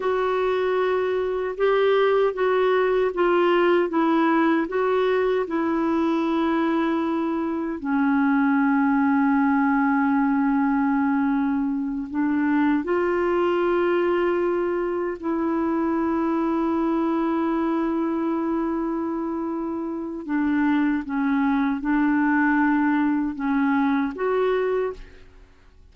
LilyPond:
\new Staff \with { instrumentName = "clarinet" } { \time 4/4 \tempo 4 = 77 fis'2 g'4 fis'4 | f'4 e'4 fis'4 e'4~ | e'2 cis'2~ | cis'2.~ cis'8 d'8~ |
d'8 f'2. e'8~ | e'1~ | e'2 d'4 cis'4 | d'2 cis'4 fis'4 | }